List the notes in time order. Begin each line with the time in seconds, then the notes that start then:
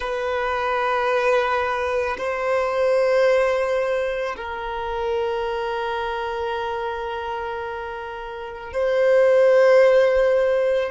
0.00 B4
2.17 C5
4.36 A#4
8.73 C5